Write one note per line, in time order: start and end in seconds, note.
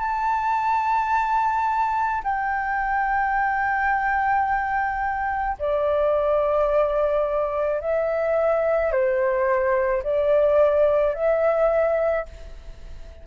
0.00 2.22 A5
2.24 5.57 G5
5.59 7.81 D5
7.81 8.91 E5
8.91 10.03 C5
10.03 11.14 D5
11.14 12.25 E5